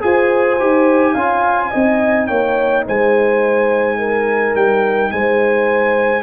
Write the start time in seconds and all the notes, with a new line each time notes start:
0.00 F4 G#4 C5 G#5
0.59 D#4 G4
1.13 C#4 F4 F5
1.71 C4 D#4 D#5
2.27 A#3 C#5 G5
2.87 G#3 C5 G#5
3.98 A#4
4.54 G3 G5
5.11 G#3 C5 G#5